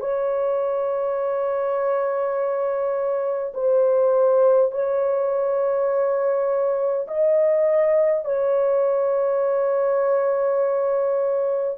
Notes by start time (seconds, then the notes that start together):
0.00 C#5
3.54 C5
4.72 C#5
7.07 D#5
8.25 C#5